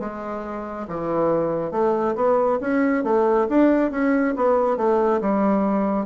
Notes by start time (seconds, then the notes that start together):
0.00 G#3
0.88 E3
1.72 A3
2.15 B3
2.61 C#4
3.04 A3
3.49 D4
3.91 C#4
4.36 B3
4.77 A3
5.21 G3